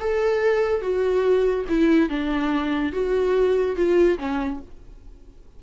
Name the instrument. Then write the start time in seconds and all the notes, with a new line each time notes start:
viola
0.00 A4
0.81 F#4
1.69 E4
2.09 D4
2.93 F#4
3.76 F4
4.18 C#4